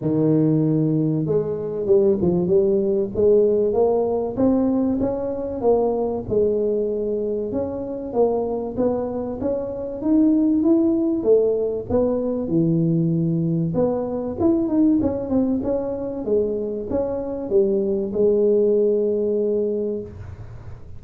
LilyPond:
\new Staff \with { instrumentName = "tuba" } { \time 4/4 \tempo 4 = 96 dis2 gis4 g8 f8 | g4 gis4 ais4 c'4 | cis'4 ais4 gis2 | cis'4 ais4 b4 cis'4 |
dis'4 e'4 a4 b4 | e2 b4 e'8 dis'8 | cis'8 c'8 cis'4 gis4 cis'4 | g4 gis2. | }